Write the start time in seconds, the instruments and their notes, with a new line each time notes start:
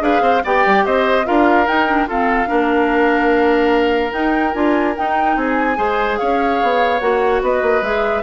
0.00 bassoon D4, clarinet G#4, oboe B4, flute F5
0.22 bassoon C4, oboe C5
0.44 bassoon B3, clarinet G4, oboe D5, flute G5
0.66 bassoon G3
0.86 bassoon C4, oboe C5, flute D#5
1.25 bassoon D4, clarinet F4, oboe A#4, flute F5
1.67 clarinet D#4, bassoon D#4, flute G5
1.88 clarinet D4
2.07 clarinet C4, bassoon F4, oboe A4, flute F5
2.47 bassoon A#3, clarinet D4, oboe A#4
4.11 clarinet D#4, bassoon D#4, flute G5
4.54 bassoon D4, clarinet F4, flute G#5
4.97 clarinet D#4, bassoon D#4, flute G5
5.36 bassoon C4, oboe G#4, flute G#5
5.76 bassoon G#3, clarinet G#4, oboe C5
6.18 bassoon C#4, oboe C#5, flute F5
6.63 bassoon B3
7.00 bassoon A#3, clarinet F#4, flute F#5
7.42 bassoon B3, oboe B4, flute D#5
7.62 bassoon A#3
7.82 bassoon G#3, clarinet G#4, flute E5